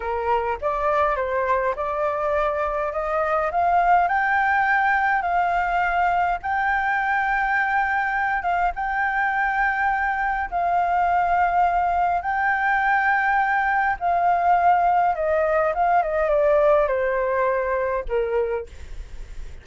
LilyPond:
\new Staff \with { instrumentName = "flute" } { \time 4/4 \tempo 4 = 103 ais'4 d''4 c''4 d''4~ | d''4 dis''4 f''4 g''4~ | g''4 f''2 g''4~ | g''2~ g''8 f''8 g''4~ |
g''2 f''2~ | f''4 g''2. | f''2 dis''4 f''8 dis''8 | d''4 c''2 ais'4 | }